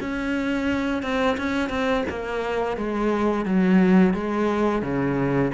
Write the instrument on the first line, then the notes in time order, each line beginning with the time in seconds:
cello
0.00 C#4
1.02 C4
1.37 C#4
1.69 C4
2.09 A#3
2.77 G#3
3.45 F#3
4.13 G#3
4.82 C#3